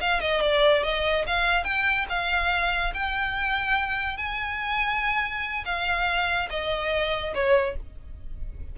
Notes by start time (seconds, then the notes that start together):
0.00 F5
0.20 D#5
0.41 D5
0.83 D#5
1.27 F5
1.64 G5
2.09 F5
2.94 G5
4.17 G#5
5.65 F5
6.50 D#5
7.34 C#5